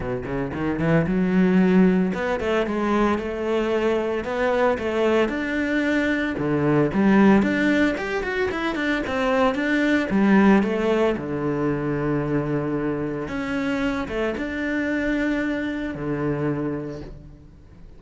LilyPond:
\new Staff \with { instrumentName = "cello" } { \time 4/4 \tempo 4 = 113 b,8 cis8 dis8 e8 fis2 | b8 a8 gis4 a2 | b4 a4 d'2 | d4 g4 d'4 g'8 fis'8 |
e'8 d'8 c'4 d'4 g4 | a4 d2.~ | d4 cis'4. a8 d'4~ | d'2 d2 | }